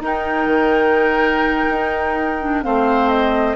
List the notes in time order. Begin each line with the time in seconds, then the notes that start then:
0.00 D#4 A#4 G5
0.46 D#3
1.69 D#4
2.40 D4
2.63 A3 C4 C5 F5
3.09 D#5